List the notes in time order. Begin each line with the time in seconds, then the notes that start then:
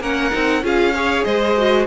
0.00 A#3 C#4 A#4 F#5
0.31 C4 D#4
0.63 C#4 F4 G#4 F5
0.94 G#4 C#5
1.24 G#3 C5 D#5
1.57 F#4